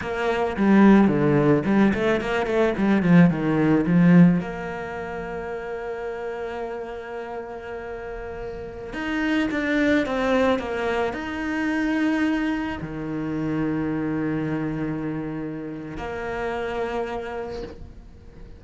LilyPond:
\new Staff \with { instrumentName = "cello" } { \time 4/4 \tempo 4 = 109 ais4 g4 d4 g8 a8 | ais8 a8 g8 f8 dis4 f4 | ais1~ | ais1~ |
ais16 dis'4 d'4 c'4 ais8.~ | ais16 dis'2. dis8.~ | dis1~ | dis4 ais2. | }